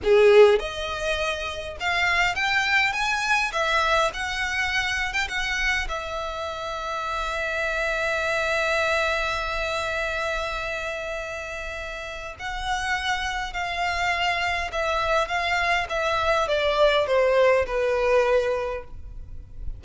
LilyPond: \new Staff \with { instrumentName = "violin" } { \time 4/4 \tempo 4 = 102 gis'4 dis''2 f''4 | g''4 gis''4 e''4 fis''4~ | fis''8. g''16 fis''4 e''2~ | e''1~ |
e''1~ | e''4 fis''2 f''4~ | f''4 e''4 f''4 e''4 | d''4 c''4 b'2 | }